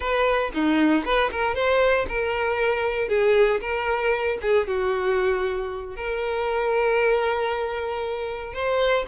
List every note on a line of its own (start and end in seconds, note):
0.00 0.51 B4
0.54 1.04 D#4
1.04 1.30 B4
1.31 1.54 A#4
1.54 2.06 C5
2.08 3.08 A#4
3.08 3.60 G#4
3.60 4.38 A#4
4.41 4.67 G#4
4.67 5.96 F#4
5.96 8.53 A#4
8.53 9.05 C5